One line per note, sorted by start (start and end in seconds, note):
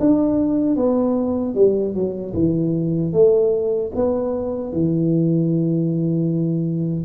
0.00 0.76 D4
0.76 1.55 B3
1.55 1.94 G3
1.94 2.34 F#3
2.34 3.13 E3
3.13 3.92 A3
3.95 4.73 B3
4.73 7.05 E3